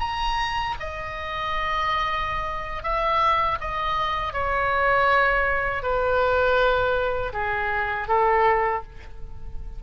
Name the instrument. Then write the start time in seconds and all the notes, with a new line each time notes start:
oboe
0.00 A#5
0.80 D#5
2.83 E5
3.61 D#5
4.33 C#5
5.83 B4
7.33 G#4
8.08 A4